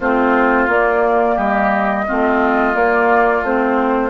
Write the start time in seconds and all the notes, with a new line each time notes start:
0.00 A3 C4 F4 C5
0.68 A#3 D5
1.36 G3 G4 D#5
2.07 A3 C4 F4
2.74 A#3 D5
3.42 A3 C4 C5